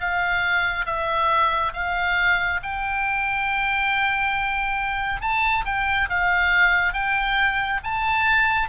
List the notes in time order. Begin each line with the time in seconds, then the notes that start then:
0.00 F5
0.85 E5
1.73 F5
2.62 G5
5.21 A5
5.65 G5
6.09 F5
6.93 G5
7.83 A5